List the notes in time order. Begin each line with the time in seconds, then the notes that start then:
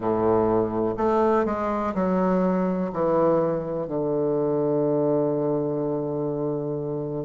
0.00 A2
0.97 A3
1.45 G#3
1.94 F#3
2.93 E3
3.87 D3